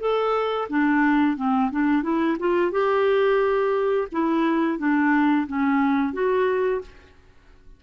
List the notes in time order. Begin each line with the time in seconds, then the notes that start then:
0.00 A4
0.69 D4
1.37 C4
1.71 D4
2.03 E4
2.39 F4
2.71 G4
4.12 E4
4.79 D4
5.47 C#4
6.13 F#4